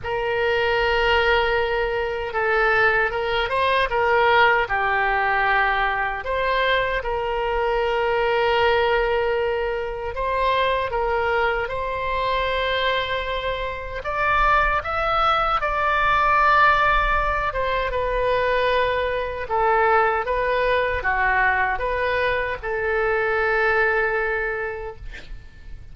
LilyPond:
\new Staff \with { instrumentName = "oboe" } { \time 4/4 \tempo 4 = 77 ais'2. a'4 | ais'8 c''8 ais'4 g'2 | c''4 ais'2.~ | ais'4 c''4 ais'4 c''4~ |
c''2 d''4 e''4 | d''2~ d''8 c''8 b'4~ | b'4 a'4 b'4 fis'4 | b'4 a'2. | }